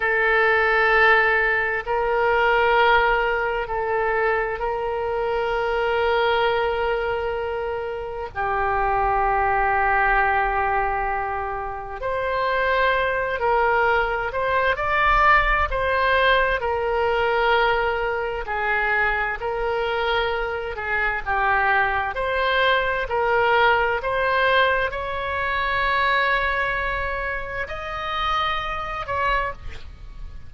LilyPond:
\new Staff \with { instrumentName = "oboe" } { \time 4/4 \tempo 4 = 65 a'2 ais'2 | a'4 ais'2.~ | ais'4 g'2.~ | g'4 c''4. ais'4 c''8 |
d''4 c''4 ais'2 | gis'4 ais'4. gis'8 g'4 | c''4 ais'4 c''4 cis''4~ | cis''2 dis''4. cis''8 | }